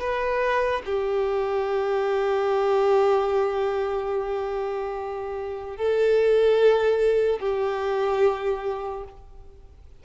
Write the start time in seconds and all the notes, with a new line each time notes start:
0.00 B4
0.86 G4
5.77 A4
7.39 G4